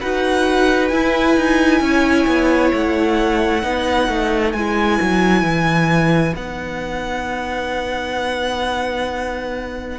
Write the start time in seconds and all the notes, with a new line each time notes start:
0.00 D#4 F#4 B4 F#5
0.88 E4 G#5
1.37 D#4
1.80 C#4 C#5
2.26 B3
2.73 A3 F#5
3.62 B3 D#4 B4
4.08 A3
4.52 G#3 E4 G#5
5.01 F#3
5.42 E3
6.35 B3 D#4 F#5